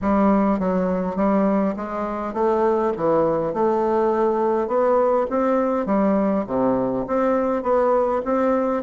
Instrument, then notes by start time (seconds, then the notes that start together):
bassoon
0.01 G3
0.59 F#3
1.16 G3
1.76 G#3
2.33 A3
2.97 E3
3.53 A3
4.67 B3
5.30 C4
5.86 G3
6.47 C3
7.07 C4
7.62 B3
8.24 C4